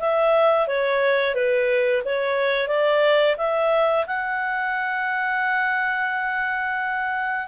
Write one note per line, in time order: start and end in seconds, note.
0.00 0.68 E5
0.68 1.35 C#5
1.35 2.03 B4
2.05 2.68 C#5
2.68 3.36 D5
3.38 4.06 E5
4.07 7.48 F#5